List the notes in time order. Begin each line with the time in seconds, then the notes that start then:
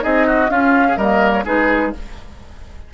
0.00 C4 D#4 G#4 D#5
0.27 F#4
0.49 C#4 F4 F5
0.88 G#4
0.97 G3 A#3 A#4 D#5
1.32 C#5
1.45 G#3 D#4 G#4 B4